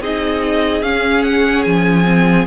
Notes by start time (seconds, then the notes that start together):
0.00 C4 D#4 G#4 D#5
0.82 C#4 F5
1.23 F#5
1.63 F3 G#5
2.05 C4